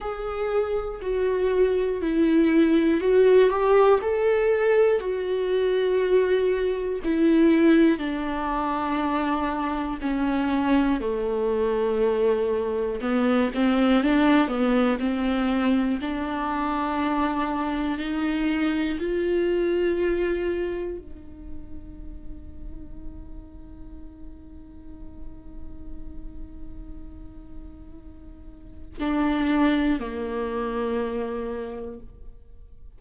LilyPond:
\new Staff \with { instrumentName = "viola" } { \time 4/4 \tempo 4 = 60 gis'4 fis'4 e'4 fis'8 g'8 | a'4 fis'2 e'4 | d'2 cis'4 a4~ | a4 b8 c'8 d'8 b8 c'4 |
d'2 dis'4 f'4~ | f'4 dis'2.~ | dis'1~ | dis'4 d'4 ais2 | }